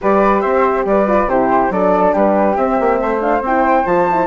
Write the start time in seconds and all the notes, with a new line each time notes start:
0.01 G3 G4 B4 D5
0.40 C4 C5 E5
0.85 G3 B4 D5
1.07 F4
1.26 C3 E4 G4 C5
1.69 F#3 D4 A4 D5
2.13 G3 G4 B4
2.55 C4 E5
2.79 A#3
3.00 A3 C5
3.20 D4 F5
3.41 C4 E4 G5
3.85 F3 F4 A5
4.11 E4